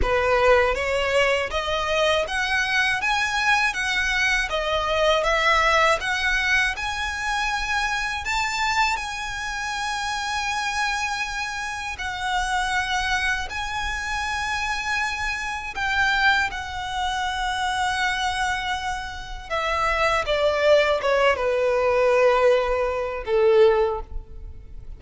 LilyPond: \new Staff \with { instrumentName = "violin" } { \time 4/4 \tempo 4 = 80 b'4 cis''4 dis''4 fis''4 | gis''4 fis''4 dis''4 e''4 | fis''4 gis''2 a''4 | gis''1 |
fis''2 gis''2~ | gis''4 g''4 fis''2~ | fis''2 e''4 d''4 | cis''8 b'2~ b'8 a'4 | }